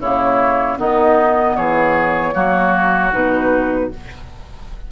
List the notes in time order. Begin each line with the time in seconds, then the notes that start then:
0.00 C#3 A#3 E4 C#5
0.77 D#3 B3 D#4 D#5
1.56 E3 G#4 C#5
2.33 F#3 A#3 F#4
3.12 B2 D#4 B4